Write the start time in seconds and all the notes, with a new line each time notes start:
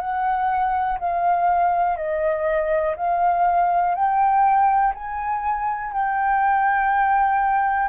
0.00 F#5
1.00 F5
1.97 D#5
2.96 F5
3.95 G5
4.94 G#5
5.92 G5